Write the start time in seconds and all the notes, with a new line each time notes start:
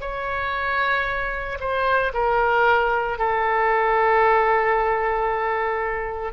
0.00 C#5
1.60 C5
2.13 A#4
3.18 A4